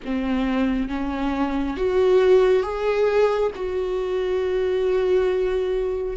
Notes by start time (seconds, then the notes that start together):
0.04 C4
0.88 C#4
1.76 F#4
2.62 G#4
3.55 F#4